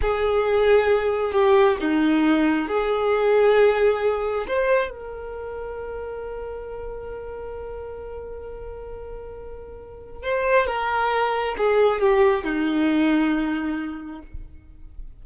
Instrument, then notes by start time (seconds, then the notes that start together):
violin
0.01 G#4
1.32 G4
1.80 D#4
2.68 G#4
4.47 C5
4.90 A#4
10.22 C5
10.66 A#4
11.57 G#4
12.00 G4
12.44 D#4